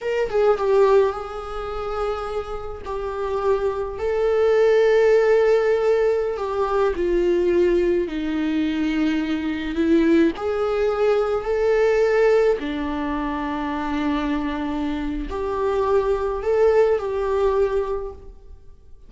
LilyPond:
\new Staff \with { instrumentName = "viola" } { \time 4/4 \tempo 4 = 106 ais'8 gis'8 g'4 gis'2~ | gis'4 g'2 a'4~ | a'2.~ a'16 g'8.~ | g'16 f'2 dis'4.~ dis'16~ |
dis'4~ dis'16 e'4 gis'4.~ gis'16~ | gis'16 a'2 d'4.~ d'16~ | d'2. g'4~ | g'4 a'4 g'2 | }